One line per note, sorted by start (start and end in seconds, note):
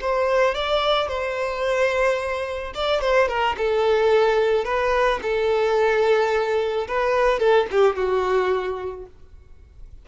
0.00 0.54 C5
0.54 1.08 D5
1.08 2.73 C5
2.74 3.01 D5
3.01 3.28 C5
3.28 3.55 A#4
3.57 4.64 A4
4.64 5.19 B4
5.22 6.87 A4
6.88 7.39 B4
7.39 7.66 A4
7.71 7.95 G4
7.95 9.06 F#4